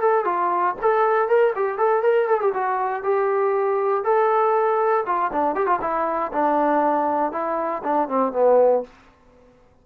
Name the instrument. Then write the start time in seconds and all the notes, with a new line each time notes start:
trombone
0.00 A4
0.24 F4
0.81 A4
1.28 A#4
1.55 G4
1.78 A4
2.03 A#4
2.28 A4
2.40 G4
2.53 F#4
3.03 G4
4.03 A4
5.06 F4
5.32 D4
5.55 G4
5.66 F4
5.81 E4
6.32 D4
7.32 E4
7.83 D4
8.08 C4
8.32 B3